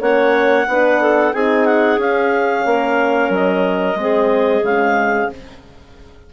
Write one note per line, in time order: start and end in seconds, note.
0.00 0.66 A#3
0.00 0.67 C#4
0.00 0.66 C#5
0.00 1.33 F#5
0.68 1.34 B3
0.68 1.34 D4
0.68 1.02 B4
1.02 1.34 A4
1.33 1.98 C4
1.33 2.00 D#4
1.33 2.66 G#4
1.33 1.66 G#5
1.66 1.99 F#5
1.98 2.64 C#4
1.98 3.98 C#4
1.98 3.33 F5
2.66 3.30 A#3
2.66 3.99 A#4
3.30 3.95 F#3
3.30 4.65 D#5
3.95 4.61 G#3
3.95 4.64 C4
3.95 5.33 G#4
4.62 5.28 C#3
4.62 5.30 G#3
4.62 5.30 F5